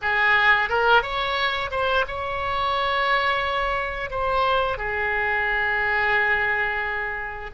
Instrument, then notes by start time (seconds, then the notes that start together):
oboe
0.01 G#4
0.69 A#4
1.02 C#5
1.70 C5
2.07 C#5
4.10 C5
4.77 G#4